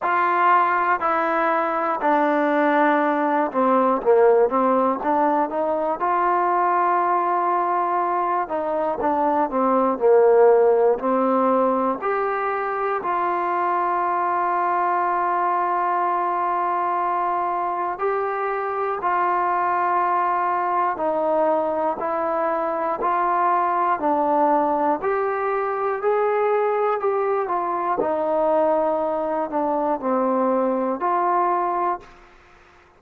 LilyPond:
\new Staff \with { instrumentName = "trombone" } { \time 4/4 \tempo 4 = 60 f'4 e'4 d'4. c'8 | ais8 c'8 d'8 dis'8 f'2~ | f'8 dis'8 d'8 c'8 ais4 c'4 | g'4 f'2.~ |
f'2 g'4 f'4~ | f'4 dis'4 e'4 f'4 | d'4 g'4 gis'4 g'8 f'8 | dis'4. d'8 c'4 f'4 | }